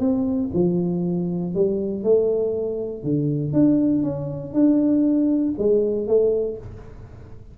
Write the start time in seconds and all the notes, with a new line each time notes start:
0.00 C4
0.54 F3
1.55 G3
2.04 A3
3.04 D3
3.53 D4
4.03 C#4
4.54 D4
5.59 G#3
6.08 A3